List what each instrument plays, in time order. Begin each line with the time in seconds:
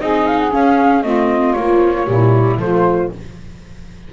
0.00 double bass C4, viola D#4, saxophone G#4, flute D#5
0.26 flute F5
0.38 flute F#5
0.50 viola C#4, double bass C#4, flute F5
1.02 double bass A3, viola C4, saxophone F4, flute D#5
1.52 double bass A#3, flute C#5
1.59 viola F3
2.06 double bass A#2, viola G3, saxophone E4
2.57 double bass F3, viola A3, saxophone F4, flute C5